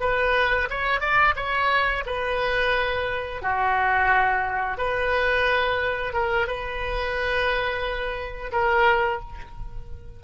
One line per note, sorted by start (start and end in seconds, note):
0.00 0.68 B4
0.70 1.00 C#5
1.00 1.35 D5
1.36 2.04 C#5
2.06 3.42 B4
3.42 4.77 F#4
4.77 6.13 B4
6.13 6.47 A#4
6.47 8.52 B4
8.52 9.20 A#4